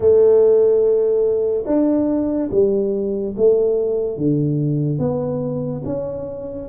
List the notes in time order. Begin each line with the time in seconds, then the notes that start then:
0.00 A3
1.66 D4
2.51 G3
3.36 A3
4.17 D3
4.98 B3
5.84 C#4